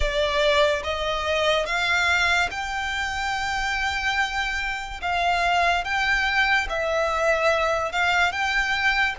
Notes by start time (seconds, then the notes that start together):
0.00 D5
0.83 D#5
1.66 F5
2.50 G5
5.01 F5
5.84 G5
6.69 E5
7.92 F5
8.31 G5